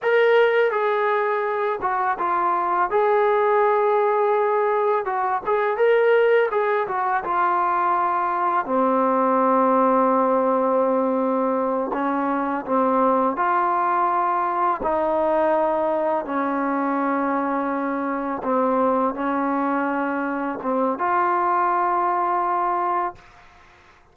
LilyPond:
\new Staff \with { instrumentName = "trombone" } { \time 4/4 \tempo 4 = 83 ais'4 gis'4. fis'8 f'4 | gis'2. fis'8 gis'8 | ais'4 gis'8 fis'8 f'2 | c'1~ |
c'8 cis'4 c'4 f'4.~ | f'8 dis'2 cis'4.~ | cis'4. c'4 cis'4.~ | cis'8 c'8 f'2. | }